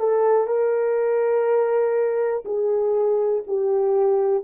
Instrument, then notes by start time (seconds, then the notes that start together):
horn
0.00 A4
0.47 A#4
2.45 G#4
3.47 G4